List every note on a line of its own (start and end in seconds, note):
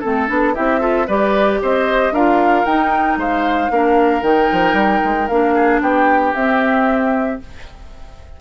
0.00 0.29 A3
0.00 0.28 C4
0.00 0.53 A4
0.00 0.55 A4
0.28 0.55 B3
0.28 0.54 D4
0.55 1.08 C4
0.55 0.80 E4
0.55 0.80 G4
0.55 1.07 E5
0.80 1.06 F4
0.80 1.07 A4
1.07 1.61 G3
1.07 2.14 G4
1.07 1.60 B4
1.07 1.60 D5
1.62 2.12 C4
1.62 2.13 C5
1.62 2.14 D#5
2.12 2.64 D4
2.12 2.67 F4
2.12 3.19 A#4
2.12 2.65 F5
2.65 3.17 D#4
2.65 3.71 D#4
2.65 3.18 G5
3.17 3.70 G#3
3.17 3.71 C5
3.17 4.23 F5
3.71 4.22 A#3
3.71 4.22 D4
3.71 5.54 A#4
4.22 4.49 D#3
4.22 5.28 D#4
4.22 5.28 G5
4.52 4.73 F3
4.73 5.00 G3
5.04 5.29 G#3
5.28 5.81 A#3
5.28 6.35 D4
5.28 5.80 F5
5.54 5.81 G#4
5.81 6.34 B3
5.81 7.41 G4
5.81 6.35 G5
6.35 7.40 C4
6.35 7.41 C4
6.35 7.40 E5